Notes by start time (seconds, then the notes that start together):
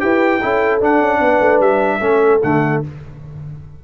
0.00 E4 G4 B4 G5
0.42 C#4 E4 A4
0.81 D4 F#5
1.01 C#4
1.20 B3 B4
1.41 A3
1.60 G3 E5
2.00 A3 C#4 A4
2.43 D3 A3 F#5